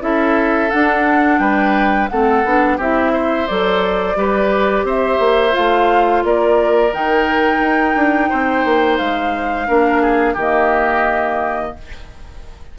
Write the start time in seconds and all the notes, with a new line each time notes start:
0.00 C#4 E4 A4 E5
0.70 D4 F#5
1.38 G3 B4 G5
2.08 A3 C4 A4 F#5
2.44 B3 D4
2.77 C4 E4 G4 E5
3.13 C5
3.47 F#3 A4 D5
4.15 G3 G4 B4
4.83 C4 C5 E5
5.19 A#3
5.51 F4 F5
5.57 A3
6.24 A#3 A#4 D5
6.93 D#3 D#4 G5
7.59 D#4
7.95 D4
8.29 C4 C5
8.64 A#3
8.97 G#3 F5
9.67 A#3 D4 A#4
10.01 G#4
10.33 D#3 G4 D#5
10.40 A#3